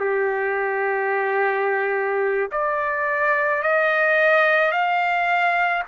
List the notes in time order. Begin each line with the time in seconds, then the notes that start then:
0.00 G4
2.52 D5
3.63 D#5
4.72 F5